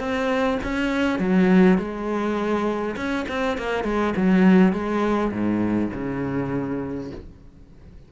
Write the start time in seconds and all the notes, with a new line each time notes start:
0.00 C4
0.64 C#4
1.20 F#3
1.78 G#3
2.97 C#4
3.29 C4
3.58 A#3
3.84 G#3
4.17 F#3
4.73 G#3
5.33 G#2
5.93 C#3